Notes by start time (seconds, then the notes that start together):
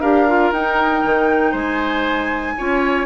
0.00 D4 G4 A#4 F5
0.28 F4
0.52 D#4 G5
1.05 D#3
1.51 G#3 C5 G#5
2.57 C#4 F4 C#5